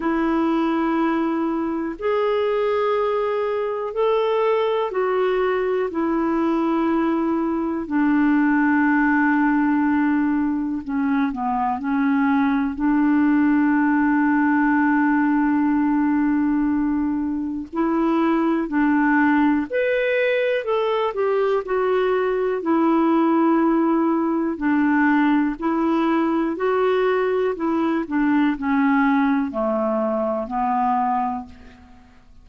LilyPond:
\new Staff \with { instrumentName = "clarinet" } { \time 4/4 \tempo 4 = 61 e'2 gis'2 | a'4 fis'4 e'2 | d'2. cis'8 b8 | cis'4 d'2.~ |
d'2 e'4 d'4 | b'4 a'8 g'8 fis'4 e'4~ | e'4 d'4 e'4 fis'4 | e'8 d'8 cis'4 a4 b4 | }